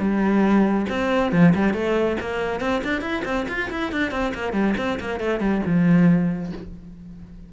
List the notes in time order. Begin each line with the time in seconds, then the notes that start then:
0.00 G3
0.90 C4
1.32 F3
1.55 G3
1.74 A3
2.21 A#3
2.61 C4
2.84 D4
3.02 E4
3.25 C4
3.49 F4
3.71 E4
3.92 D4
4.11 C4
4.35 A#3
4.53 G3
4.78 C4
5.00 A#3
5.20 A3
5.40 G3
5.66 F3